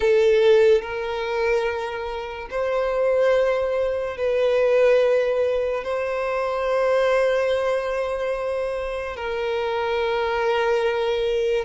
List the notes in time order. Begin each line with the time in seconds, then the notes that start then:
0.00 A4
0.81 A#4
2.50 C5
4.17 B4
5.83 C5
9.16 A#4